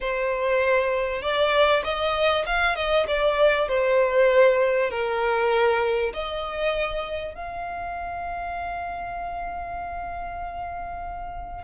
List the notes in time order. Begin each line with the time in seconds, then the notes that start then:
0.00 C5
1.22 D5
1.83 D#5
2.45 F5
2.76 D#5
3.07 D5
3.68 C5
4.90 A#4
6.13 D#5
7.35 F5